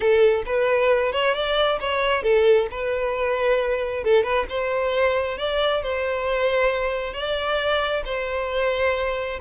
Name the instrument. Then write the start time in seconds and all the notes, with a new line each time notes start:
violin
0.00 A4
0.46 B4
1.12 C#5
1.34 D5
1.80 C#5
2.22 A4
2.70 B4
4.04 A4
4.23 B4
4.49 C5
5.38 D5
5.82 C5
7.13 D5
8.05 C5